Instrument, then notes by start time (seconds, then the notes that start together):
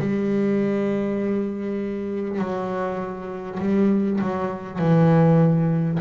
double bass
0.00 G3
2.39 F#3
3.60 G3
4.21 F#3
4.79 E3